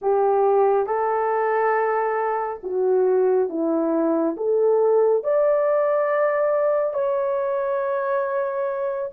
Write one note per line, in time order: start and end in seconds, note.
0.01 0.86 G4
0.86 2.60 A4
2.63 3.49 F#4
3.49 4.36 E4
4.36 5.23 A4
5.23 6.93 D5
6.93 9.11 C#5